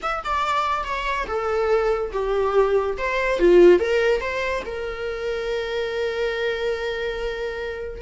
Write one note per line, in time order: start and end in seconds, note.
0.02 0.23 E5
0.23 0.84 D5
0.84 1.26 C#5
1.27 2.11 A4
2.12 2.97 G4
2.97 3.39 C5
3.39 3.79 F4
3.79 4.20 A#4
4.20 4.62 C5
4.65 8.01 A#4